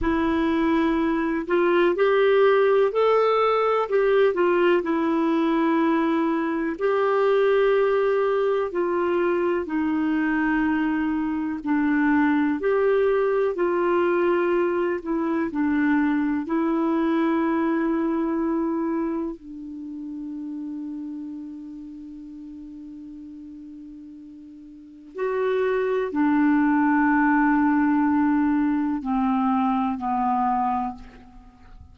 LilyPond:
\new Staff \with { instrumentName = "clarinet" } { \time 4/4 \tempo 4 = 62 e'4. f'8 g'4 a'4 | g'8 f'8 e'2 g'4~ | g'4 f'4 dis'2 | d'4 g'4 f'4. e'8 |
d'4 e'2. | d'1~ | d'2 fis'4 d'4~ | d'2 c'4 b4 | }